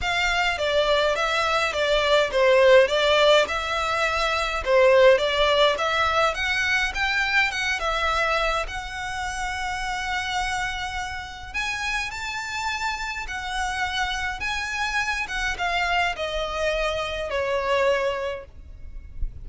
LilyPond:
\new Staff \with { instrumentName = "violin" } { \time 4/4 \tempo 4 = 104 f''4 d''4 e''4 d''4 | c''4 d''4 e''2 | c''4 d''4 e''4 fis''4 | g''4 fis''8 e''4. fis''4~ |
fis''1 | gis''4 a''2 fis''4~ | fis''4 gis''4. fis''8 f''4 | dis''2 cis''2 | }